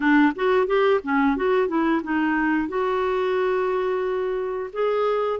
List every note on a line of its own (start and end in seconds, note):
0.00 0.32 D4
0.35 0.66 F#4
0.66 1.00 G4
1.03 1.36 C#4
1.36 1.67 F#4
1.67 2.01 E4
2.03 2.68 D#4
2.68 4.70 F#4
4.73 5.39 G#4